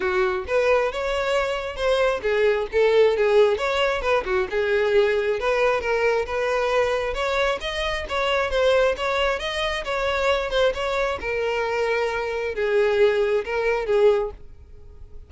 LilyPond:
\new Staff \with { instrumentName = "violin" } { \time 4/4 \tempo 4 = 134 fis'4 b'4 cis''2 | c''4 gis'4 a'4 gis'4 | cis''4 b'8 fis'8 gis'2 | b'4 ais'4 b'2 |
cis''4 dis''4 cis''4 c''4 | cis''4 dis''4 cis''4. c''8 | cis''4 ais'2. | gis'2 ais'4 gis'4 | }